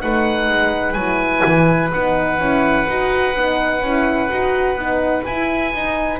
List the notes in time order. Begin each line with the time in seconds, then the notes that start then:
0.00 A3 D#4 B4 F#5
0.48 G#3
0.92 F#3 E4 G#5
1.45 E3
1.92 B3 D#4 F#5
2.38 C#4 E4
2.87 D#4 F#4
3.35 B3 D#4
3.81 C#4 E4
4.30 D#4 F#4
4.75 B3 D#4
5.25 E4 G#5
5.73 D#4